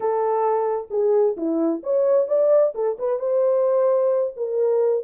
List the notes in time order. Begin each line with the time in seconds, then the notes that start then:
0.00 A4
0.90 G#4
1.36 E4
1.83 C#5
2.27 D5
2.74 A4
2.98 B4
3.19 C5
4.36 A#4